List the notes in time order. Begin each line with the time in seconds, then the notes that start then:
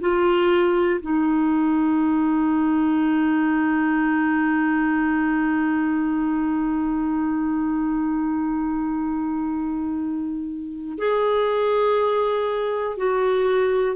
0.00 F4
1.01 D#4
10.98 G#4
12.97 F#4